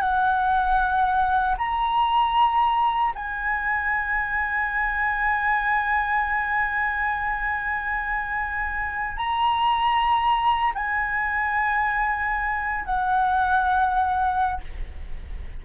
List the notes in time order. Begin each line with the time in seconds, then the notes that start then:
0.00 F#5
1.58 A#5
3.15 G#5
9.17 A#5
10.75 G#5
12.85 F#5